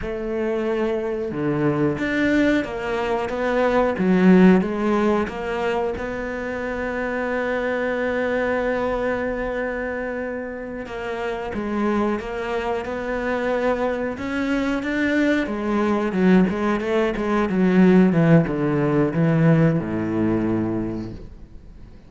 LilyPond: \new Staff \with { instrumentName = "cello" } { \time 4/4 \tempo 4 = 91 a2 d4 d'4 | ais4 b4 fis4 gis4 | ais4 b2.~ | b1~ |
b8 ais4 gis4 ais4 b8~ | b4. cis'4 d'4 gis8~ | gis8 fis8 gis8 a8 gis8 fis4 e8 | d4 e4 a,2 | }